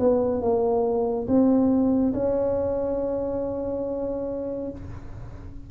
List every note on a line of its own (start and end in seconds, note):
0.00 0.42 B3
0.42 1.27 A#3
1.28 2.14 C4
2.14 4.71 C#4